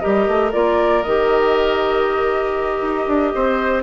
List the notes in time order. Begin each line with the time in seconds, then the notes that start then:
0.00 G3 G4 A#4 D#5
0.28 A3
0.53 A#3 F4 D5
1.03 D#3 G4 D#5
2.82 D#4
3.08 D4
3.35 C4 C5